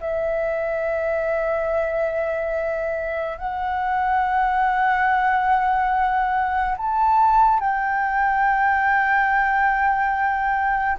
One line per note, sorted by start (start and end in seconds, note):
0.00 3.38 E5
3.38 6.76 F#5
6.77 7.60 A5
7.60 10.98 G5